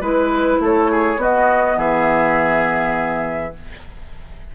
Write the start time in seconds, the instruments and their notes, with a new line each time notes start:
0.00 bassoon G#3, clarinet E4, oboe B4, flute B4
0.59 bassoon A3, oboe A4, flute C#5
0.91 oboe G#4
1.16 bassoon B3, clarinet B3, oboe F#4, flute D#5
1.77 bassoon E3, oboe G#4, flute E5